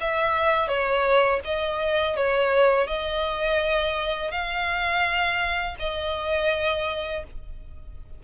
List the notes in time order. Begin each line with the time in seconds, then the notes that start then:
0.00 E5
0.67 C#5
1.44 D#5
2.16 C#5
2.87 D#5
4.31 F5
5.79 D#5